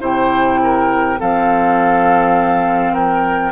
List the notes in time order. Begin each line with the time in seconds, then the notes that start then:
0.00 C3 E4 C5 G5
0.63 A#4
1.18 F3 C4 A4 F5
2.93 A#4 G5